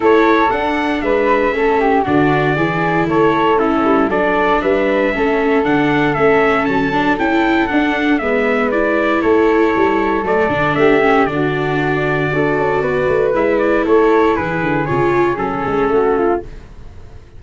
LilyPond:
<<
  \new Staff \with { instrumentName = "trumpet" } { \time 4/4 \tempo 4 = 117 cis''4 fis''4 e''2 | d''2 cis''4 a'4 | d''4 e''2 fis''4 | e''4 a''4 g''4 fis''4 |
e''4 d''4 cis''2 | d''4 e''4 d''2~ | d''2 e''8 d''8 cis''4 | b'4 cis''4 a'2 | }
  \new Staff \with { instrumentName = "flute" } { \time 4/4 a'2 b'4 a'8 g'8 | fis'4 gis'4 a'4 e'4 | a'4 b'4 a'2~ | a'1 |
b'2 a'2~ | a'4 g'4 fis'2 | a'4 b'2 a'4 | gis'2. fis'8 f'8 | }
  \new Staff \with { instrumentName = "viola" } { \time 4/4 e'4 d'2 cis'4 | d'4 e'2 cis'4 | d'2 cis'4 d'4 | cis'4. d'8 e'4 d'4 |
b4 e'2. | a8 d'4 cis'8 d'2 | fis'2 e'2~ | e'4 f'4 cis'2 | }
  \new Staff \with { instrumentName = "tuba" } { \time 4/4 a4 d'4 gis4 a4 | d4 e4 a4. g8 | fis4 g4 a4 d4 | a4 fis4 cis'4 d'4 |
gis2 a4 g4 | fis8 d8 a4 d2 | d'8 cis'8 b8 a8 gis4 a4 | e8 d8 cis4 fis8 gis8 a4 | }
>>